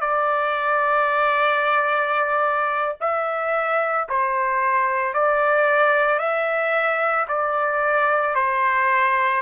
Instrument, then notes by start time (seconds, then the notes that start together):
trumpet
0.00 D5
3.00 E5
4.09 C5
5.13 D5
6.19 E5
7.28 D5
8.35 C5